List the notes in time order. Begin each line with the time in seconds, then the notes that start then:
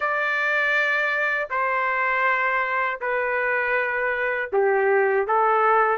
0.00 D5
1.50 C5
3.00 B4
4.52 G4
5.27 A4